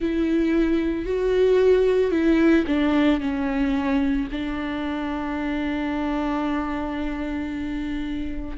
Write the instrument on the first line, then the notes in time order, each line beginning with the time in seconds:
viola
0.00 E4
1.05 F#4
2.11 E4
2.66 D4
3.20 C#4
4.31 D4